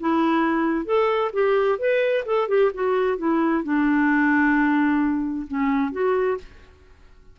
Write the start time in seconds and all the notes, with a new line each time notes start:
0.00 E4
0.85 A4
1.33 G4
1.79 B4
2.26 A4
2.48 G4
2.74 F#4
3.18 E4
3.63 D4
5.48 C#4
5.92 F#4